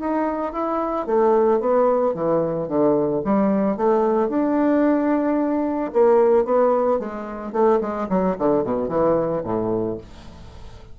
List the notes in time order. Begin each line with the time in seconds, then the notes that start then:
0.00 D#4
0.53 E4
1.07 A3
1.60 B3
2.14 E3
2.68 D3
3.25 G3
3.77 A3
4.29 D4
5.93 A#3
6.45 B3
7.00 G#3
7.53 A3
7.81 G#3
8.10 F#3
8.39 D3
8.64 B2
8.89 E3
9.44 A2